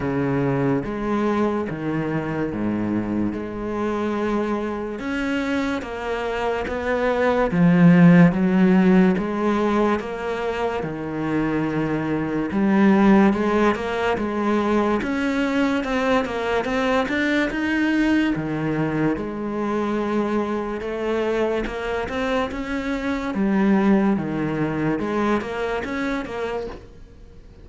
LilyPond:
\new Staff \with { instrumentName = "cello" } { \time 4/4 \tempo 4 = 72 cis4 gis4 dis4 gis,4 | gis2 cis'4 ais4 | b4 f4 fis4 gis4 | ais4 dis2 g4 |
gis8 ais8 gis4 cis'4 c'8 ais8 | c'8 d'8 dis'4 dis4 gis4~ | gis4 a4 ais8 c'8 cis'4 | g4 dis4 gis8 ais8 cis'8 ais8 | }